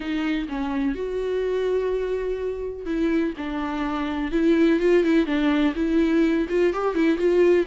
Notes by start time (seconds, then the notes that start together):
0.00 D#4
0.48 C#4
0.94 F#4
2.85 E4
3.37 D4
4.31 E4
4.79 F4
5.03 E4
5.26 D4
5.75 E4
6.49 F4
6.73 G4
6.94 E4
7.17 F4